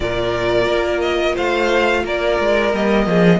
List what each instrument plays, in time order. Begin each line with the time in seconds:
0.00 cello A#2, viola F4, violin A#4 D5
0.67 cello A#3
1.01 violin D#5
1.34 cello A3, violin C5 F5
2.05 cello A#3, violin A#4 D5
2.39 cello G#3
2.72 cello G3, viola A#3, violin D#5
3.06 cello F3, violin G#4